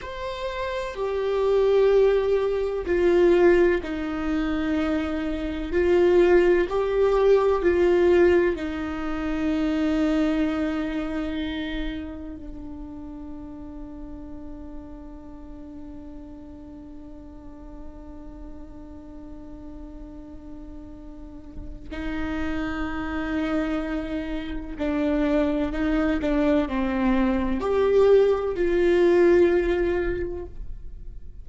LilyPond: \new Staff \with { instrumentName = "viola" } { \time 4/4 \tempo 4 = 63 c''4 g'2 f'4 | dis'2 f'4 g'4 | f'4 dis'2.~ | dis'4 d'2.~ |
d'1~ | d'2. dis'4~ | dis'2 d'4 dis'8 d'8 | c'4 g'4 f'2 | }